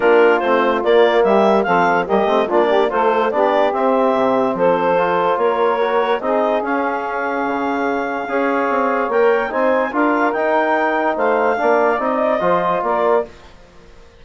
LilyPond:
<<
  \new Staff \with { instrumentName = "clarinet" } { \time 4/4 \tempo 4 = 145 ais'4 c''4 d''4 e''4 | f''4 dis''4 d''4 c''4 | d''4 e''2 c''4~ | c''4 cis''2 dis''4 |
f''1~ | f''2 g''4 gis''4 | f''4 g''2 f''4~ | f''4 dis''2 d''4 | }
  \new Staff \with { instrumentName = "saxophone" } { \time 4/4 f'2. g'4 | a'4 g'4 f'8 g'8 a'4 | g'2. a'4~ | a'4 ais'2 gis'4~ |
gis'1 | cis''2. c''4 | ais'2. c''4 | d''2 c''4 ais'4 | }
  \new Staff \with { instrumentName = "trombone" } { \time 4/4 d'4 c'4 ais2 | c'4 ais8 c'8 d'4 f'4 | d'4 c'2. | f'2 fis'4 dis'4 |
cis'1 | gis'2 ais'4 dis'4 | f'4 dis'2. | d'4 dis'4 f'2 | }
  \new Staff \with { instrumentName = "bassoon" } { \time 4/4 ais4 a4 ais4 g4 | f4 g8 a8 ais4 a4 | b4 c'4 c4 f4~ | f4 ais2 c'4 |
cis'2 cis2 | cis'4 c'4 ais4 c'4 | d'4 dis'2 a4 | ais4 c'4 f4 ais4 | }
>>